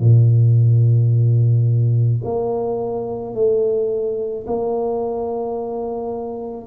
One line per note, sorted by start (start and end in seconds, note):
0.00 2.22 A#2
2.24 3.34 A#3
3.34 4.45 A3
4.47 6.67 A#3